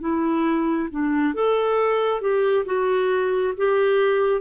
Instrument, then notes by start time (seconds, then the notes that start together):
clarinet
0.00 E4
0.90 D4
1.34 A4
2.21 G4
2.66 F#4
3.57 G4